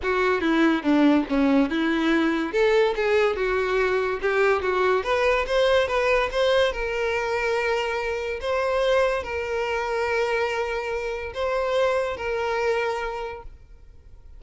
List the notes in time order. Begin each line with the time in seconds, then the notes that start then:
0.02 F#4
0.41 E4
0.82 D4
1.29 C#4
1.70 E4
2.52 A4
2.95 G#4
3.36 F#4
4.21 G4
4.62 F#4
5.03 B4
5.47 C5
5.87 B4
6.31 C5
6.72 A#4
8.40 C5
9.23 A#4
11.34 C5
12.17 A#4